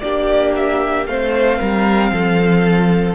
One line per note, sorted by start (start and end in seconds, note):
0.00 1.06 A#3
0.00 1.07 D4
0.00 1.08 G4
0.00 0.53 D5
0.56 1.06 E5
1.06 1.59 A3
1.06 3.15 C4
1.06 1.59 C5
1.06 3.15 F5
1.59 2.11 G3
1.59 2.11 A#4
2.11 3.15 F3
2.11 3.15 A4